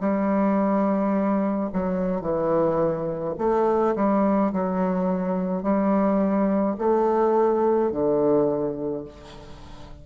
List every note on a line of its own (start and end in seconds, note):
0.00 1.70 G3
1.73 2.21 F#3
2.21 3.34 E3
3.38 3.95 A3
3.96 4.52 G3
4.53 5.63 F#3
5.63 6.76 G3
6.78 7.91 A3
7.91 9.05 D3